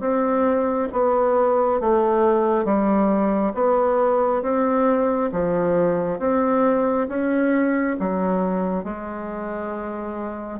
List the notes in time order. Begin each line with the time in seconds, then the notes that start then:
0.00 C4
0.92 B3
1.80 A3
2.65 G3
3.54 B3
4.42 C4
5.32 F3
6.19 C4
7.08 C#4
7.99 F#3
8.84 G#3